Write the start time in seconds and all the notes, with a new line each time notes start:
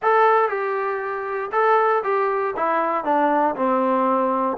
0.02 A4
0.49 G4
1.52 A4
2.03 G4
2.56 E4
3.04 D4
3.55 C4